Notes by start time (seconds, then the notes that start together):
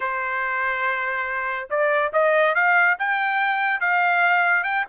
0.00 C5
1.69 D5
2.12 D#5
2.55 F5
2.99 G5
3.80 F5
4.63 G5